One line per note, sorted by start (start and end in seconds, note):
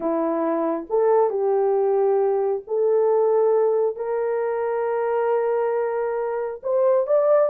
0.00 0.86 E4
0.89 1.30 A4
1.30 2.62 G4
2.67 3.96 A4
3.96 6.61 A#4
6.62 7.06 C5
7.06 7.49 D5